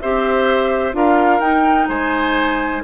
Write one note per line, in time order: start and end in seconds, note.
0.00 0.93 C4
0.00 0.93 G4
0.00 0.96 C5
0.00 0.94 E5
0.93 1.40 D4
0.93 1.40 F4
0.93 1.88 A#4
0.93 1.40 F5
1.40 1.87 D#4
1.40 2.83 D#4
1.40 1.87 G5
1.88 2.83 G#3
1.88 2.83 C5
1.88 2.83 G#5